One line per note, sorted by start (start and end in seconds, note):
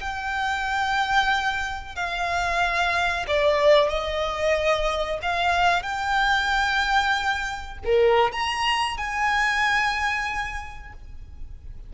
0.00 1.95 G5
1.95 3.25 F5
3.27 3.89 D5
3.89 5.19 D#5
5.22 5.83 F5
5.83 7.78 G5
7.84 8.32 A#4
8.32 8.97 A#5
8.97 10.93 G#5